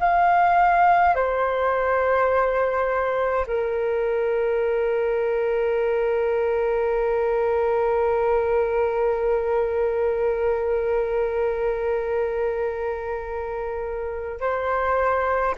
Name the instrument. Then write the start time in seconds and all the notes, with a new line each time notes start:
flute
0.00 F5
1.15 C5
3.47 A#4
14.40 C5